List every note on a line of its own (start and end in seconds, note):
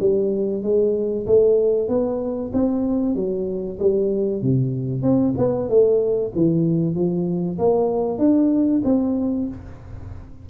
0.00 0.63 G3
0.63 1.26 G#3
1.27 1.88 A3
1.88 2.51 B3
2.53 3.16 C4
3.16 3.79 F#3
3.79 4.42 G3
4.42 5.03 C3
5.03 5.34 C4
5.38 5.69 B3
5.69 6.32 A3
6.35 6.95 E3
6.95 7.58 F3
7.58 8.19 A#3
8.19 8.82 D4
8.84 9.48 C4